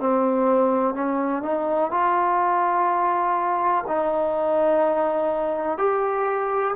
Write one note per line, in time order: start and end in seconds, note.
0.00 0.94 C4
0.94 1.42 C#4
1.42 1.90 D#4
1.90 3.84 F4
3.87 5.78 D#4
5.78 6.75 G4